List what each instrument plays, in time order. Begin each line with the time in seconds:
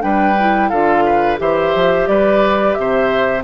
0.00 bassoon G3, clarinet D4, oboe B4, flute G5
0.39 clarinet E4
0.69 bassoon D3, clarinet F4, oboe A4, flute F5
1.05 oboe B4
1.38 bassoon E3, clarinet G4, oboe C5, flute E5
1.75 bassoon F3
2.07 bassoon G3, oboe B4, flute D5
2.74 bassoon C3, oboe C5, flute E5